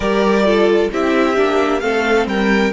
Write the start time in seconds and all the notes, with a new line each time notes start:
0.00 G3 G4 A#4 D5
0.45 F4 A4
0.91 C4 E4 G4 E5
1.35 A#3 D4
1.80 A3 C4 A4 F5
2.26 G3 A#4 G5